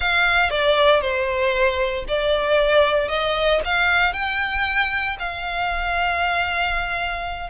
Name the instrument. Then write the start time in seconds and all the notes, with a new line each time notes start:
violin
0.00 F5
0.50 D5
1.01 C5
2.08 D5
3.08 D#5
3.64 F5
4.13 G5
5.19 F5